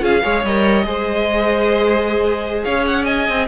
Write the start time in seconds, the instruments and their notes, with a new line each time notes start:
0.00 cello C#4, viola F4, violin G#4 F5
0.23 cello G#3, viola G#4, violin C#5
0.44 cello G3, viola A#4, violin D#5
0.84 cello G#3, viola G#4, violin C5
2.64 cello C#4, violin C#5 F5
2.87 violin F#5
3.04 violin D#5 G#5
3.29 cello C4